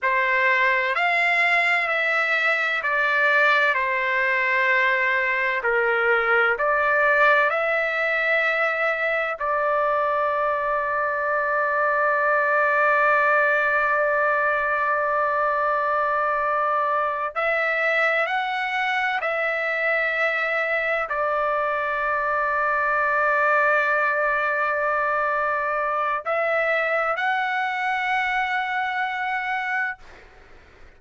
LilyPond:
\new Staff \with { instrumentName = "trumpet" } { \time 4/4 \tempo 4 = 64 c''4 f''4 e''4 d''4 | c''2 ais'4 d''4 | e''2 d''2~ | d''1~ |
d''2~ d''8 e''4 fis''8~ | fis''8 e''2 d''4.~ | d''1 | e''4 fis''2. | }